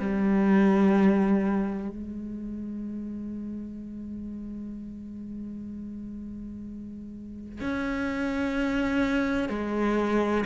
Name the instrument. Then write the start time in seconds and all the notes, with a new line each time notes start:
cello
0.00 G3
1.90 G#3
7.61 C#4
9.50 G#3